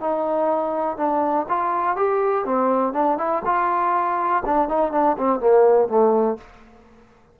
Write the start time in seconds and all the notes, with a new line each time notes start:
0.00 D#4
0.97 D4
1.48 F4
1.96 G4
2.45 C4
2.93 D4
3.18 E4
3.44 F4
4.45 D4
4.68 D#4
4.92 D4
5.17 C4
5.40 A#3
5.88 A3